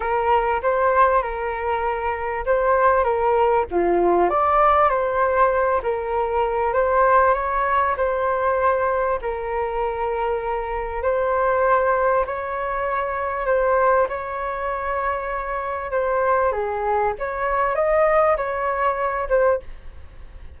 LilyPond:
\new Staff \with { instrumentName = "flute" } { \time 4/4 \tempo 4 = 98 ais'4 c''4 ais'2 | c''4 ais'4 f'4 d''4 | c''4. ais'4. c''4 | cis''4 c''2 ais'4~ |
ais'2 c''2 | cis''2 c''4 cis''4~ | cis''2 c''4 gis'4 | cis''4 dis''4 cis''4. c''8 | }